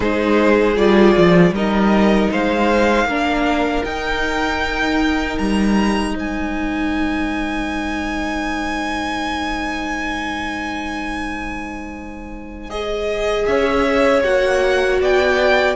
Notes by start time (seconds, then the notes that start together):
0.00 G#3 D#4 G#4 C5
0.76 G3 F4 D5
1.17 F3
1.51 G3 D#4 A#4 D#5
2.30 G#3 C5 F5
3.05 A#3 D4 A#4
3.83 D#4 G5
5.37 G3 A#5
6.13 G#3 C5 G#5
12.69 G#4 D#5
13.46 C#4 C#5 E5
14.23 A#3 F#4 F#5
15.00 B3 D5 G5